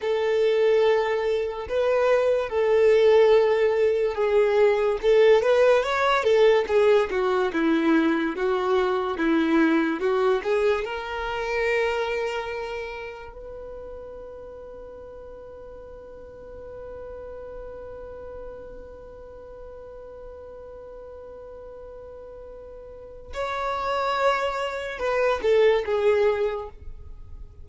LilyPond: \new Staff \with { instrumentName = "violin" } { \time 4/4 \tempo 4 = 72 a'2 b'4 a'4~ | a'4 gis'4 a'8 b'8 cis''8 a'8 | gis'8 fis'8 e'4 fis'4 e'4 | fis'8 gis'8 ais'2. |
b'1~ | b'1~ | b'1 | cis''2 b'8 a'8 gis'4 | }